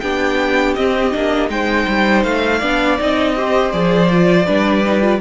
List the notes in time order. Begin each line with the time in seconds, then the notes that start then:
0.00 B3 D4 G4 G5
0.75 C4 D#5
1.12 A#3 D4
1.48 G#3 D#4 C5 G5
1.88 G3
2.23 A3 F5
2.59 B3 D4 D5
2.99 C4 D#4 D#5
3.36 G4 C5
3.72 F3 G#4 D5
4.09 F4
4.46 G3 D4 B4
4.86 D#4
5.01 F4